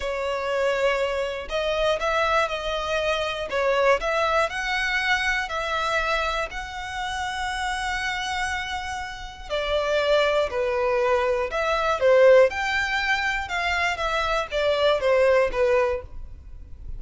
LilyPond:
\new Staff \with { instrumentName = "violin" } { \time 4/4 \tempo 4 = 120 cis''2. dis''4 | e''4 dis''2 cis''4 | e''4 fis''2 e''4~ | e''4 fis''2.~ |
fis''2. d''4~ | d''4 b'2 e''4 | c''4 g''2 f''4 | e''4 d''4 c''4 b'4 | }